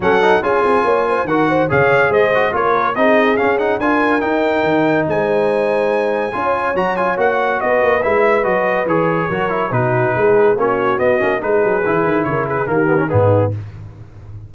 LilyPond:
<<
  \new Staff \with { instrumentName = "trumpet" } { \time 4/4 \tempo 4 = 142 fis''4 gis''2 fis''4 | f''4 dis''4 cis''4 dis''4 | f''8 fis''8 gis''4 g''2 | gis''1 |
ais''8 gis''8 fis''4 dis''4 e''4 | dis''4 cis''2 b'4~ | b'4 cis''4 dis''4 b'4~ | b'4 cis''8 b'8 ais'4 gis'4 | }
  \new Staff \with { instrumentName = "horn" } { \time 4/4 a'4 gis'4 cis''8 c''8 ais'8 c''8 | cis''4 c''4 ais'4 gis'4~ | gis'4 ais'2. | c''2. cis''4~ |
cis''2 b'2~ | b'2 ais'4 fis'4 | gis'4 fis'2 gis'4~ | gis'4 ais'8 gis'8 g'4 dis'4 | }
  \new Staff \with { instrumentName = "trombone" } { \time 4/4 cis'8 dis'8 f'2 fis'4 | gis'4. fis'8 f'4 dis'4 | cis'8 dis'8 f'4 dis'2~ | dis'2. f'4 |
fis'8 f'8 fis'2 e'4 | fis'4 gis'4 fis'8 e'8 dis'4~ | dis'4 cis'4 b8 cis'8 dis'4 | e'2 ais8 b16 cis'16 b4 | }
  \new Staff \with { instrumentName = "tuba" } { \time 4/4 fis4 cis'8 c'8 ais4 dis4 | cis4 gis4 ais4 c'4 | cis'4 d'4 dis'4 dis4 | gis2. cis'4 |
fis4 ais4 b8 ais8 gis4 | fis4 e4 fis4 b,4 | gis4 ais4 b8 ais8 gis8 fis8 | e8 dis8 cis4 dis4 gis,4 | }
>>